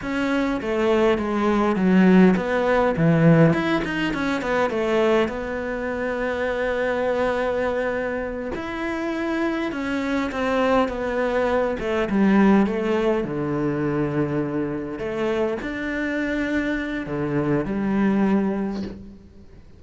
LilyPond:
\new Staff \with { instrumentName = "cello" } { \time 4/4 \tempo 4 = 102 cis'4 a4 gis4 fis4 | b4 e4 e'8 dis'8 cis'8 b8 | a4 b2.~ | b2~ b8 e'4.~ |
e'8 cis'4 c'4 b4. | a8 g4 a4 d4.~ | d4. a4 d'4.~ | d'4 d4 g2 | }